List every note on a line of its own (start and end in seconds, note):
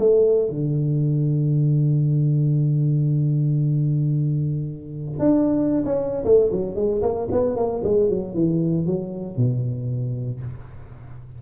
0.00 0.50 A3
0.50 5.19 D3
5.19 5.85 D4
5.86 6.25 C#4
6.25 6.51 A3
6.52 6.76 F#3
6.76 7.02 G#3
7.03 7.29 A#3
7.32 7.57 B3
7.57 7.83 A#3
7.84 8.10 G#3
8.10 8.35 F#3
8.35 8.87 E3
8.87 9.37 F#3
9.37 10.42 B2